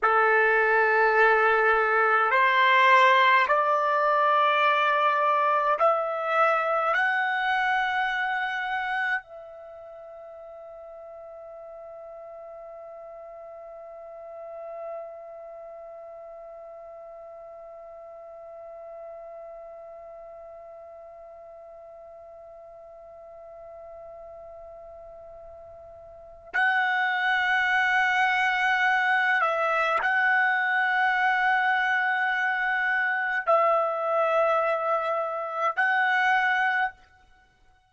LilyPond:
\new Staff \with { instrumentName = "trumpet" } { \time 4/4 \tempo 4 = 52 a'2 c''4 d''4~ | d''4 e''4 fis''2 | e''1~ | e''1~ |
e''1~ | e''2. fis''4~ | fis''4. e''8 fis''2~ | fis''4 e''2 fis''4 | }